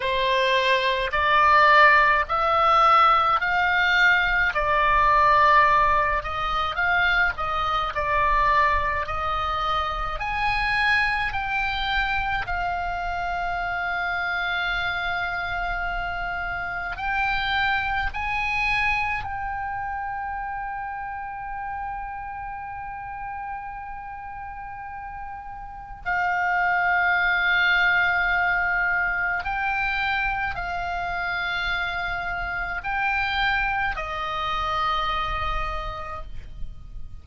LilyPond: \new Staff \with { instrumentName = "oboe" } { \time 4/4 \tempo 4 = 53 c''4 d''4 e''4 f''4 | d''4. dis''8 f''8 dis''8 d''4 | dis''4 gis''4 g''4 f''4~ | f''2. g''4 |
gis''4 g''2.~ | g''2. f''4~ | f''2 g''4 f''4~ | f''4 g''4 dis''2 | }